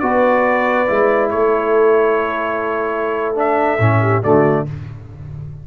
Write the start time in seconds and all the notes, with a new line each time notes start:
0.00 B3 F#4 B4 D5
0.88 G#3 E4
1.30 A3 A4 C#5
3.36 D4 E5
3.79 A2 C#4
4.01 G4
4.22 D3 A3 F#4 D5